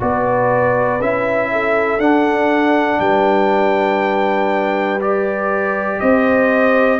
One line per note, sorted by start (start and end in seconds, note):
0.00 1.00 B3
0.00 1.00 F#4
0.00 1.51 B4
0.00 1.01 D5
1.00 1.99 C#4
1.00 1.99 E4
1.00 2.00 E5
1.52 3.00 A4
1.99 2.99 D4
1.99 4.99 D4
1.99 3.00 F#5
3.00 6.00 G3
3.00 6.00 B4
3.00 5.00 G5
5.00 6.99 G4
5.00 6.00 D5
6.00 6.99 C4
6.00 6.99 C5
6.00 6.99 D#5